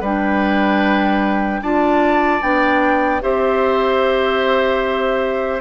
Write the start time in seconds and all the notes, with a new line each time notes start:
0.00 G3 D4 B4 G5
1.61 D4 F4 D5 A5
2.41 B3 D4 G5
3.21 C4 G4 C5 E5